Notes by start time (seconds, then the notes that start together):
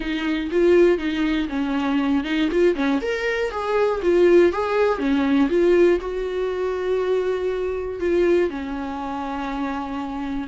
0.00 D#4
0.51 F4
0.98 D#4
1.49 C#4
2.24 D#4
2.51 F4
2.75 C#4
3.01 A#4
3.50 G#4
4.02 F4
4.52 G#4
4.98 C#4
5.49 F4
6.00 F#4
8.00 F4
8.50 C#4